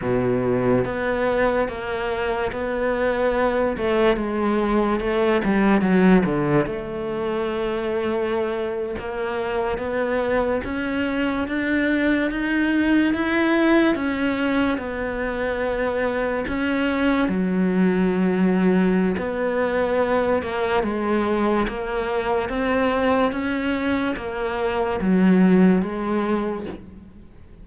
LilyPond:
\new Staff \with { instrumentName = "cello" } { \time 4/4 \tempo 4 = 72 b,4 b4 ais4 b4~ | b8 a8 gis4 a8 g8 fis8 d8 | a2~ a8. ais4 b16~ | b8. cis'4 d'4 dis'4 e'16~ |
e'8. cis'4 b2 cis'16~ | cis'8. fis2~ fis16 b4~ | b8 ais8 gis4 ais4 c'4 | cis'4 ais4 fis4 gis4 | }